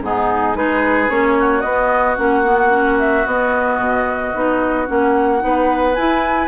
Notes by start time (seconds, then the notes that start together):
0.00 G#2 B3 D#4 G#4
0.54 G#3 D#4 G#4 B4
1.09 A#3 C#4 C#5
1.39 F#4
1.61 B3 D#5
2.17 A#3 C#4 F#5
2.44 B3
2.70 C#4
2.99 E5
3.25 B3 D#5
3.78 B2
4.34 B3 D#4
4.86 A#3 C#4 F#5
5.39 B3 D#4 B4
5.94 E4 G#5